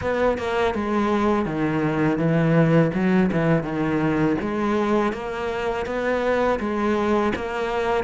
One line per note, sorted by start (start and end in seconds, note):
0.01 0.38 B3
0.38 0.74 A#3
0.74 1.45 G#3
1.45 2.18 D#3
2.18 2.91 E3
2.94 3.30 F#3
3.32 3.63 E3
3.63 4.36 D#3
4.40 5.13 G#3
5.13 5.86 A#3
5.86 6.59 B3
6.59 7.32 G#3
7.35 8.04 A#3